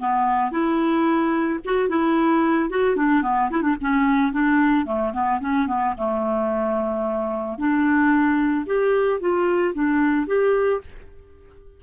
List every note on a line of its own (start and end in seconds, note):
0.00 0.52 B3
0.52 1.60 E4
1.66 1.90 F#4
1.90 2.70 E4
2.70 2.97 F#4
2.97 3.23 D4
3.23 3.50 B3
3.51 3.63 E4
3.63 3.76 D4
3.81 4.33 C#4
4.33 4.86 D4
4.86 5.13 A3
5.14 5.41 B3
5.41 5.68 C#4
5.68 5.95 B3
5.98 7.59 A3
7.59 8.67 D4
8.67 9.21 G4
9.21 9.75 F4
9.75 10.28 D4
10.28 10.82 G4